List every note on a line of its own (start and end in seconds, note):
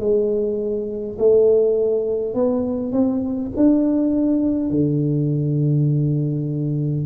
0.00 1.18 G#3
1.19 2.34 A3
2.34 2.92 B3
2.92 3.51 C4
3.56 4.71 D4
4.71 7.06 D3